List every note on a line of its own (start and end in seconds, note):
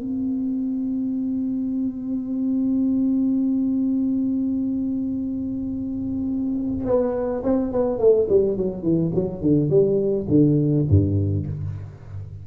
0.00 6.86 C4
6.86 7.43 B3
7.44 7.72 C4
7.72 7.99 B3
7.99 8.28 A3
8.29 8.57 G3
8.57 8.83 F#3
8.83 9.11 E3
9.15 9.41 F#3
9.41 9.70 D3
9.70 10.27 G3
10.29 10.86 D3
10.90 11.47 G2